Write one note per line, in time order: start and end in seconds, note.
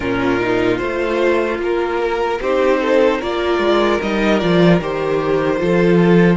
0.00 0.80 A#2
0.00 0.40 C#4
0.00 1.99 F4
0.00 0.77 A#4
0.40 0.79 D#4
0.77 1.58 A3
0.77 2.39 F4
0.77 1.57 C5
1.58 2.38 A#3
1.58 2.41 A#4
1.99 2.39 A#4
2.41 3.21 C4
2.41 3.21 D#4
2.41 2.81 G4
2.41 3.21 C5
2.81 3.19 A4
3.19 3.58 A#3
3.19 4.01 F4
3.19 5.58 A#4
3.19 4.01 D5
3.58 3.98 G#3
4.01 4.42 G3
4.01 4.40 D#4
4.01 4.39 D#5
4.39 4.80 F3
4.39 4.79 F4
4.39 4.79 D5
4.80 5.60 D#3
4.80 5.58 G4
4.80 6.37 C5
5.58 6.37 F3
5.58 6.37 F4
5.58 6.37 A4